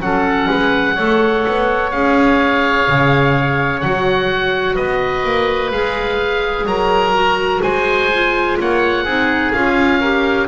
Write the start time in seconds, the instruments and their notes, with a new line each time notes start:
0.00 double bass F#3, clarinet C#4, oboe A4 F#5
0.49 double bass G#3, oboe B4
0.95 double bass A3, clarinet A4, oboe C#5
1.47 double bass B3
1.91 double bass C#4, clarinet G#4, oboe F5
2.88 double bass C#3
3.80 double bass F#3, clarinet F#4, oboe F#5
4.74 double bass B3, oboe B4 D#5
5.24 double bass A#3
5.71 double bass G#3, clarinet G#4, oboe F5
6.65 double bass F#3, oboe A#4 A#5
7.14 clarinet F#4
7.62 double bass G#3, oboe C5 G#5
8.13 clarinet F4
8.59 double bass A#3, oboe C#5 F#5
9.04 double bass C4, clarinet D#4, oboe G#4
9.52 double bass C#4, clarinet F4, oboe F5
10.00 clarinet G4, oboe A#4